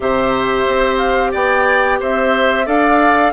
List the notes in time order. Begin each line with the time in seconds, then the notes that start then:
0.00 C3 G4 C5 E5
0.67 C4
0.97 F5
1.31 B3 D5 G5
1.99 C4 C5 E5
2.66 D4 A4 D5 F5